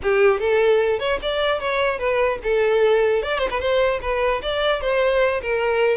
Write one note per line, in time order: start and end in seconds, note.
0.02 0.40 G4
0.40 0.99 A4
0.99 1.19 C#5
1.22 1.60 D5
1.60 1.98 C#5
1.98 2.38 B4
2.43 3.22 A4
3.22 3.38 D5
3.38 3.48 C5
3.50 3.59 B4
3.59 3.99 C5
4.01 4.41 B4
4.42 4.81 D5
4.81 5.41 C5
5.42 5.97 A#4